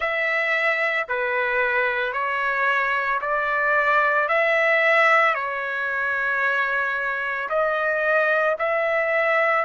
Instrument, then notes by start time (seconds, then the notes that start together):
trumpet
0.00 E5
1.08 B4
2.12 C#5
3.21 D5
4.28 E5
5.34 C#5
7.49 D#5
8.58 E5